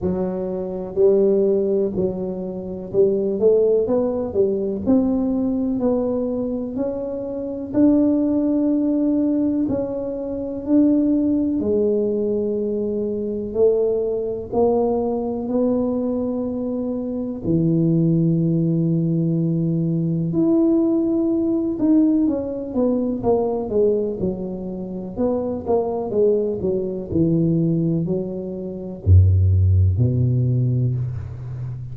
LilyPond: \new Staff \with { instrumentName = "tuba" } { \time 4/4 \tempo 4 = 62 fis4 g4 fis4 g8 a8 | b8 g8 c'4 b4 cis'4 | d'2 cis'4 d'4 | gis2 a4 ais4 |
b2 e2~ | e4 e'4. dis'8 cis'8 b8 | ais8 gis8 fis4 b8 ais8 gis8 fis8 | e4 fis4 fis,4 b,4 | }